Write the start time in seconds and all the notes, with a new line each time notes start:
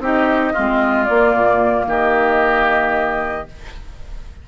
0.00 C4 D#4 G4 D#5
0.53 G#3 C4 F4
1.05 A#3 D5
1.35 A#2
1.87 D#3 G4 D#5